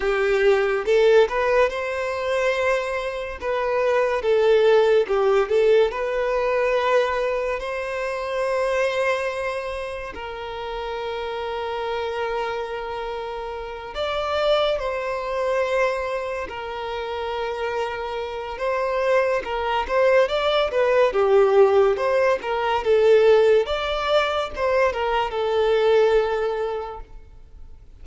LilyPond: \new Staff \with { instrumentName = "violin" } { \time 4/4 \tempo 4 = 71 g'4 a'8 b'8 c''2 | b'4 a'4 g'8 a'8 b'4~ | b'4 c''2. | ais'1~ |
ais'8 d''4 c''2 ais'8~ | ais'2 c''4 ais'8 c''8 | d''8 b'8 g'4 c''8 ais'8 a'4 | d''4 c''8 ais'8 a'2 | }